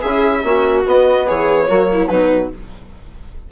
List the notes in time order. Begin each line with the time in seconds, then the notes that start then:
0.00 C#4 G#4 E5
0.07 E4
0.44 A#3 C#4 F#4
0.86 B3 D#5
1.26 E3 G#4 C#5
1.67 F#3 A#3 F#4
1.92 E4
2.07 B2 F#3 D#4 B4